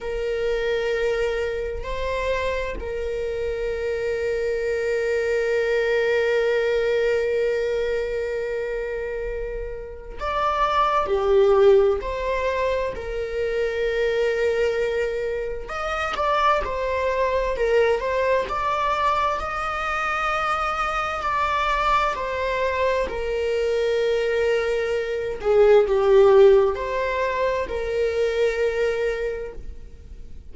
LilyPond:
\new Staff \with { instrumentName = "viola" } { \time 4/4 \tempo 4 = 65 ais'2 c''4 ais'4~ | ais'1~ | ais'2. d''4 | g'4 c''4 ais'2~ |
ais'4 dis''8 d''8 c''4 ais'8 c''8 | d''4 dis''2 d''4 | c''4 ais'2~ ais'8 gis'8 | g'4 c''4 ais'2 | }